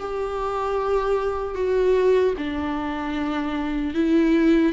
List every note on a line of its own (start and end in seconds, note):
0.00 1.55 G4
1.55 2.34 F#4
2.38 3.95 D4
3.95 4.73 E4